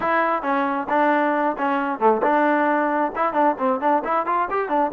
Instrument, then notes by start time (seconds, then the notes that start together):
trombone
0.00 E4
0.42 C#4
0.89 D4
1.58 C#4
1.99 A3
2.22 D4
3.15 E4
3.33 D4
3.58 C4
3.80 D4
4.04 E4
4.26 F4
4.50 G4
4.69 D4